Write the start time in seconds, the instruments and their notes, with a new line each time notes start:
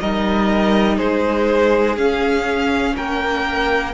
0.00 cello G3, viola D#4, violin A#4 D#5
0.97 cello G#3, violin G#4 C5
1.97 cello C#4, viola C#4, violin F5
2.96 cello A#3, violin A#4 G5